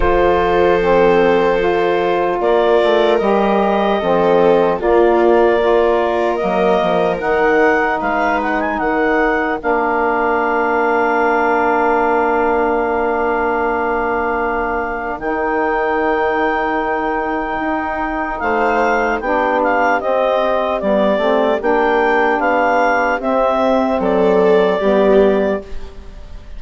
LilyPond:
<<
  \new Staff \with { instrumentName = "clarinet" } { \time 4/4 \tempo 4 = 75 c''2. d''4 | dis''2 d''2 | dis''4 fis''4 f''8 fis''16 gis''16 fis''4 | f''1~ |
f''2. g''4~ | g''2. f''4 | g''8 f''8 dis''4 d''4 g''4 | f''4 e''4 d''2 | }
  \new Staff \with { instrumentName = "viola" } { \time 4/4 a'2. ais'4~ | ais'4 a'4 f'4 ais'4~ | ais'2 b'4 ais'4~ | ais'1~ |
ais'1~ | ais'2. c''4 | g'1~ | g'2 a'4 g'4 | }
  \new Staff \with { instrumentName = "saxophone" } { \time 4/4 f'4 c'4 f'2 | g'4 c'4 ais4 f'4 | ais4 dis'2. | d'1~ |
d'2. dis'4~ | dis'1 | d'4 c'4 b8 c'8 d'4~ | d'4 c'2 b4 | }
  \new Staff \with { instrumentName = "bassoon" } { \time 4/4 f2. ais8 a8 | g4 f4 ais2 | fis8 f8 dis4 gis4 dis4 | ais1~ |
ais2. dis4~ | dis2 dis'4 a4 | b4 c'4 g8 a8 ais4 | b4 c'4 fis4 g4 | }
>>